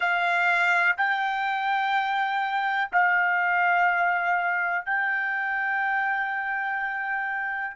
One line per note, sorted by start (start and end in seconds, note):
0.00 0.96 F5
0.97 2.90 G5
2.92 4.85 F5
4.85 7.75 G5